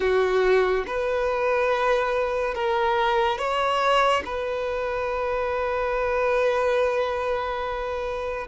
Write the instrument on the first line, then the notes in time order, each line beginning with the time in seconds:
violin
0.00 F#4
0.86 B4
2.54 A#4
3.38 C#5
4.25 B4